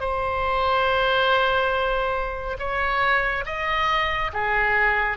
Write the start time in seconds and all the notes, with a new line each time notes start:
0.00 C5
2.59 C#5
3.46 D#5
4.33 G#4